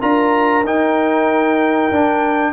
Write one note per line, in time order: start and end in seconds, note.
0.00 0.64 D4
0.00 0.63 F4
0.00 2.53 A#4
0.00 0.65 A#5
0.64 1.90 D#4
0.64 1.91 D#4
0.64 2.53 G5
1.91 2.53 D4